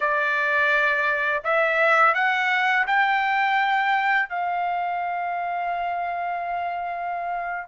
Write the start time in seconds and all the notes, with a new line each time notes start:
0.00 D5
1.44 E5
2.14 F#5
2.86 G5
4.29 F5